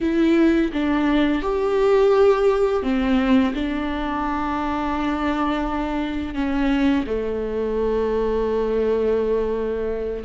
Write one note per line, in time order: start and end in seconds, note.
0.00 0.71 E4
0.72 1.42 D4
1.42 2.82 G4
2.82 3.53 C4
3.54 6.34 D4
6.34 7.04 C#4
7.06 10.24 A3